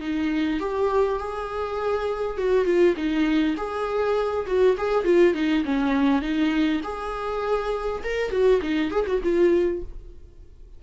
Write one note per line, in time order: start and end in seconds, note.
0.00 0.59 D#4
0.59 1.19 G4
1.19 2.37 G#4
2.37 2.65 F#4
2.65 2.95 F4
2.96 3.56 D#4
3.57 4.46 G#4
4.46 4.76 F#4
4.77 5.04 G#4
5.04 5.34 F4
5.34 5.64 D#4
5.64 6.22 C#4
6.22 6.81 D#4
6.83 8.02 G#4
8.04 8.31 A#4
8.31 8.60 F#4
8.61 8.91 D#4
8.91 9.06 G#4
9.06 9.21 F#4
9.23 9.82 F4